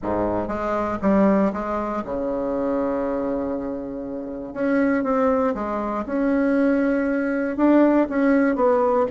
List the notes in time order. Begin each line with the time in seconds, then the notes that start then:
0.02 G#2
0.47 G#3
1.01 G3
1.52 G#3
2.04 C#3
4.53 C#4
5.03 C4
5.54 G#3
6.06 C#4
7.57 D4
8.09 C#4
8.55 B3